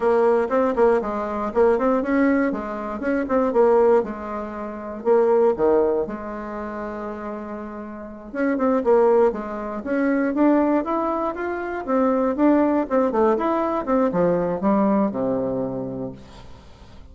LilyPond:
\new Staff \with { instrumentName = "bassoon" } { \time 4/4 \tempo 4 = 119 ais4 c'8 ais8 gis4 ais8 c'8 | cis'4 gis4 cis'8 c'8 ais4 | gis2 ais4 dis4 | gis1~ |
gis8 cis'8 c'8 ais4 gis4 cis'8~ | cis'8 d'4 e'4 f'4 c'8~ | c'8 d'4 c'8 a8 e'4 c'8 | f4 g4 c2 | }